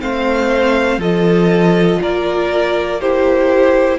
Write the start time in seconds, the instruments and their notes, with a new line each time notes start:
0.00 cello A3, viola C4, violin C5 F5
0.98 cello F3, viola F4, violin A4 D#5
2.01 cello A#3, violin A#4 D5
3.00 viola E4, violin G4 C5